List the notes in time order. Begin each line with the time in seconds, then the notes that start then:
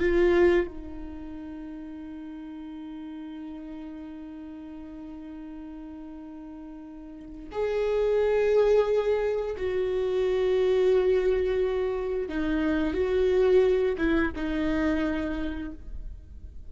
0.00 F4
0.68 D#4
7.52 G#4
9.57 F#4
12.29 D#4
12.94 F#4
13.98 E4
14.36 D#4